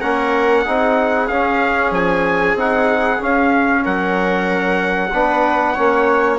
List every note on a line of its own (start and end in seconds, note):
0.00 0.66 A#3
0.00 0.66 C#4
0.00 0.62 A#4
0.00 1.27 F#5
0.62 1.28 C4
0.62 1.30 D#4
0.62 3.81 G#4
1.27 1.91 C#4
1.27 2.57 C#4
1.27 1.91 F5
1.91 2.54 F3
1.91 2.57 G#5
2.54 3.18 C4
2.54 3.19 D#4
2.54 3.22 F#5
3.19 5.10 C#4
3.19 3.85 C#4
3.19 3.85 F5
3.84 5.12 F#3
3.84 5.11 A#4
3.84 6.38 F#5
5.12 5.76 B3
5.12 5.75 D4
5.12 5.74 B4
5.74 6.38 A#3
5.74 6.38 C#4
5.74 6.38 C#5